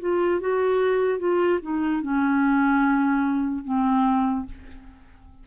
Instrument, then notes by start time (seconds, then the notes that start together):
clarinet
0.00 F4
0.41 F#4
1.19 F4
1.62 D#4
2.02 C#4
3.64 C4